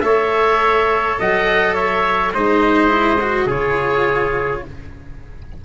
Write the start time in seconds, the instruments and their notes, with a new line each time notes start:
0.00 tuba A3, cello A4, trumpet C#5, oboe E5
1.19 tuba F#3, trumpet D#5, oboe F#5
1.74 trumpet C#5, oboe E5
2.34 tuba G#3, cello D#4, trumpet C5, oboe D#5
2.88 cello E4
3.21 cello F#4
3.46 tuba C#3, cello F4, trumpet G#4, oboe C#5